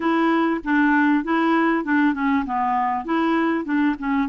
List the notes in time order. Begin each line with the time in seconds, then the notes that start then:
0.00 E4
0.64 D4
1.24 E4
1.84 D4
2.14 C#4
2.45 B3
3.04 E4
3.64 D4
3.99 C#4